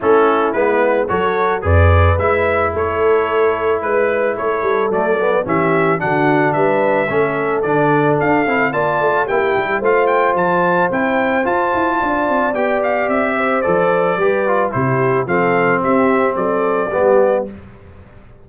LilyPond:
<<
  \new Staff \with { instrumentName = "trumpet" } { \time 4/4 \tempo 4 = 110 a'4 b'4 cis''4 d''4 | e''4 cis''2 b'4 | cis''4 d''4 e''4 fis''4 | e''2 d''4 f''4 |
a''4 g''4 f''8 g''8 a''4 | g''4 a''2 g''8 f''8 | e''4 d''2 c''4 | f''4 e''4 d''2 | }
  \new Staff \with { instrumentName = "horn" } { \time 4/4 e'2 a'4 b'4~ | b'4 a'2 b'4 | a'2 g'4 fis'4 | b'4 a'2. |
d''4 g'4 c''2~ | c''2 d''2~ | d''8 c''4. b'4 g'4 | a'4 g'4 a'4 g'4 | }
  \new Staff \with { instrumentName = "trombone" } { \time 4/4 cis'4 b4 fis'4 gis'4 | e'1~ | e'4 a8 b8 cis'4 d'4~ | d'4 cis'4 d'4. e'8 |
f'4 e'4 f'2 | e'4 f'2 g'4~ | g'4 a'4 g'8 f'8 e'4 | c'2. b4 | }
  \new Staff \with { instrumentName = "tuba" } { \time 4/4 a4 gis4 fis4 f,4 | gis4 a2 gis4 | a8 g8 fis4 e4 d4 | g4 a4 d4 d'8 c'8 |
ais8 a8 ais8 g8 a4 f4 | c'4 f'8 e'8 d'8 c'8 b4 | c'4 f4 g4 c4 | f4 c'4 fis4 g4 | }
>>